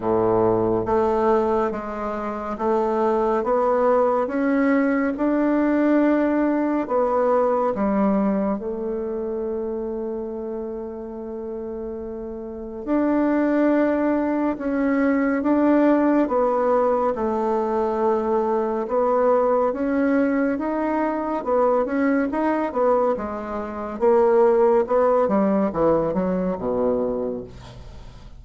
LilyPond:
\new Staff \with { instrumentName = "bassoon" } { \time 4/4 \tempo 4 = 70 a,4 a4 gis4 a4 | b4 cis'4 d'2 | b4 g4 a2~ | a2. d'4~ |
d'4 cis'4 d'4 b4 | a2 b4 cis'4 | dis'4 b8 cis'8 dis'8 b8 gis4 | ais4 b8 g8 e8 fis8 b,4 | }